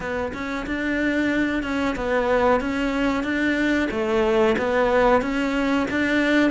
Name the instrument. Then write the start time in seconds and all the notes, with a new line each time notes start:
cello
0.00 B3
0.33 C#4
0.66 D4
1.62 C#4
1.96 B3
2.60 C#4
3.23 D4
3.90 A3
4.58 B3
5.21 C#4
5.90 D4